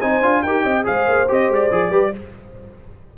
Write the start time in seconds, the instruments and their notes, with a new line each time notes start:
0.00 tuba C4, trombone D#4, horn C5, trumpet G#5
0.21 tuba D4, trombone F4
0.42 tuba D#4, trombone G4, horn A#4, trumpet G5
0.63 tuba C4, horn D#5
0.83 tuba G#3, trombone G#4, horn C5, trumpet F5
1.06 tuba A#3
1.28 tuba C4, trombone G4, trumpet D#5
1.49 tuba G#3, trumpet D5
1.71 tuba F3, trombone G#4
1.89 tuba G3, trombone G4, horn B4